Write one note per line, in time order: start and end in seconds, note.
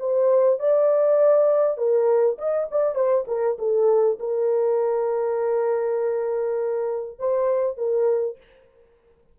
0.00 0.60 C5
0.60 1.78 D5
1.78 2.38 A#4
2.39 2.69 D#5
2.71 2.95 D5
2.95 3.25 C5
3.28 3.58 A#4
3.59 4.19 A4
4.20 7.19 A#4
7.19 7.78 C5
7.78 8.38 A#4